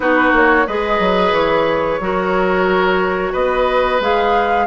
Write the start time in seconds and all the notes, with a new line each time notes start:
0.00 B3 D#4 F#4 B4
0.32 A#3 C#5
0.67 G#3 G#4 B4 D#5
0.99 F#3
1.31 E3 C#5
1.99 F#3 F#4 A#4
3.32 B3 B4 D#5
4.00 G#3 G#4 F5